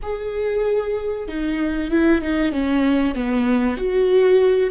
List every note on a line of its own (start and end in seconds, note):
0.02 1.28 G#4
1.28 1.90 D#4
1.90 2.21 E4
2.21 2.51 D#4
2.51 3.14 C#4
3.14 3.77 B3
3.77 4.70 F#4